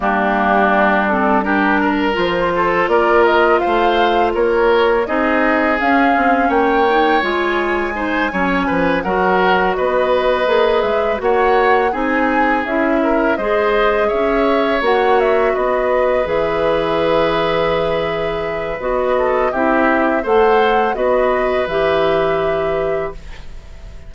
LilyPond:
<<
  \new Staff \with { instrumentName = "flute" } { \time 4/4 \tempo 4 = 83 g'4. a'8 ais'4 c''4 | d''8 dis''8 f''4 cis''4 dis''4 | f''4 g''4 gis''2~ | gis''8 fis''4 dis''4. e''8 fis''8~ |
fis''8 gis''4 e''4 dis''4 e''8~ | e''8 fis''8 e''8 dis''4 e''4.~ | e''2 dis''4 e''4 | fis''4 dis''4 e''2 | }
  \new Staff \with { instrumentName = "oboe" } { \time 4/4 d'2 g'8 ais'4 a'8 | ais'4 c''4 ais'4 gis'4~ | gis'4 cis''2 c''8 cis''8 | b'8 ais'4 b'2 cis''8~ |
cis''8 gis'4. ais'8 c''4 cis''8~ | cis''4. b'2~ b'8~ | b'2~ b'8 a'8 g'4 | c''4 b'2. | }
  \new Staff \with { instrumentName = "clarinet" } { \time 4/4 ais4. c'8 d'4 f'4~ | f'2. dis'4 | cis'4. dis'8 f'4 dis'8 cis'8~ | cis'8 fis'2 gis'4 fis'8~ |
fis'8 dis'4 e'4 gis'4.~ | gis'8 fis'2 gis'4.~ | gis'2 fis'4 e'4 | a'4 fis'4 g'2 | }
  \new Staff \with { instrumentName = "bassoon" } { \time 4/4 g2. f4 | ais4 a4 ais4 c'4 | cis'8 c'8 ais4 gis4. fis8 | f8 fis4 b4 ais8 gis8 ais8~ |
ais8 c'4 cis'4 gis4 cis'8~ | cis'8 ais4 b4 e4.~ | e2 b4 c'4 | a4 b4 e2 | }
>>